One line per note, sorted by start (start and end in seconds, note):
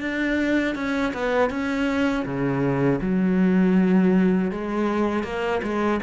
0.00 0.75 D4
0.75 1.12 C#4
1.13 1.50 B3
1.50 2.25 C#4
2.25 3.00 C#3
3.01 4.51 F#3
4.51 5.23 G#3
5.23 5.61 A#3
5.62 6.00 G#3